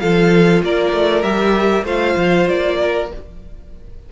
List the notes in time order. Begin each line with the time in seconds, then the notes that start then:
0.00 F3 F4 A4 F5
0.63 A#3 A#4 D5
0.93 A3
1.23 G3 G4 E5
1.85 A3 F4 C5 F5
2.17 F3
2.49 A#3 D5
2.81 A#4